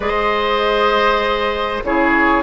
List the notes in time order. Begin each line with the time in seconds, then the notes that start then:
0.00 G#3 G#4 C5 D#5
1.83 C#3 E4 G#4 C#5